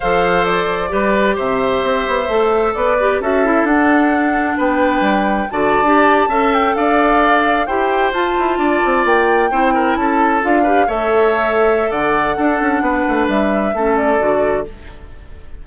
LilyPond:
<<
  \new Staff \with { instrumentName = "flute" } { \time 4/4 \tempo 4 = 131 f''4 d''2 e''4~ | e''2 d''4 e''4 | fis''2 g''2 | a''2~ a''16 g''8 f''4~ f''16~ |
f''8. g''4 a''2 g''16~ | g''4.~ g''16 a''4 f''4 e''16~ | e''2 fis''2~ | fis''4 e''4. d''4. | }
  \new Staff \with { instrumentName = "oboe" } { \time 4/4 c''2 b'4 c''4~ | c''2 b'4 a'4~ | a'2 b'2 | d''4.~ d''16 e''4 d''4~ d''16~ |
d''8. c''2 d''4~ d''16~ | d''8. c''8 ais'8 a'4. b'8 cis''16~ | cis''2 d''4 a'4 | b'2 a'2 | }
  \new Staff \with { instrumentName = "clarinet" } { \time 4/4 a'2 g'2~ | g'4 a'4. g'8 fis'8 e'8 | d'1 | fis'8. g'4 a'2~ a'16~ |
a'8. g'4 f'2~ f'16~ | f'8. e'2 f'8 g'8 a'16~ | a'2. d'4~ | d'2 cis'4 fis'4 | }
  \new Staff \with { instrumentName = "bassoon" } { \time 4/4 f2 g4 c4 | c'8 b8 a4 b4 cis'4 | d'2 b4 g4 | d8. d'4 cis'4 d'4~ d'16~ |
d'8. e'4 f'8 e'8 d'8 c'8 ais16~ | ais8. c'4 cis'4 d'4 a16~ | a2 d4 d'8 cis'8 | b8 a8 g4 a4 d4 | }
>>